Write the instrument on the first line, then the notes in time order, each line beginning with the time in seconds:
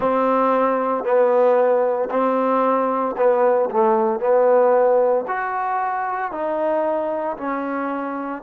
trombone
0.00 C4
1.04 B3
2.10 C4
3.17 B3
3.70 A3
4.20 B3
5.27 F#4
6.31 D#4
7.37 C#4